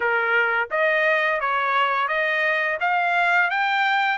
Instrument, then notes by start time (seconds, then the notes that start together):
trumpet
0.00 A#4
0.70 D#5
1.40 C#5
2.08 D#5
2.80 F5
3.50 G5